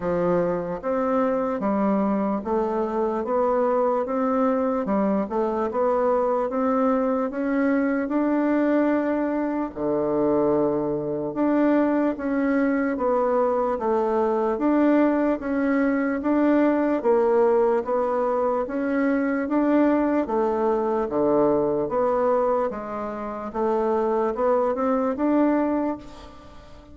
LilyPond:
\new Staff \with { instrumentName = "bassoon" } { \time 4/4 \tempo 4 = 74 f4 c'4 g4 a4 | b4 c'4 g8 a8 b4 | c'4 cis'4 d'2 | d2 d'4 cis'4 |
b4 a4 d'4 cis'4 | d'4 ais4 b4 cis'4 | d'4 a4 d4 b4 | gis4 a4 b8 c'8 d'4 | }